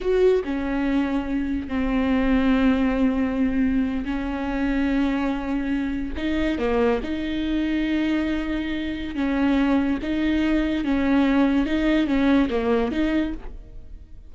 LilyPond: \new Staff \with { instrumentName = "viola" } { \time 4/4 \tempo 4 = 144 fis'4 cis'2. | c'1~ | c'4.~ c'16 cis'2~ cis'16~ | cis'2~ cis'8. dis'4 ais16~ |
ais8. dis'2.~ dis'16~ | dis'2 cis'2 | dis'2 cis'2 | dis'4 cis'4 ais4 dis'4 | }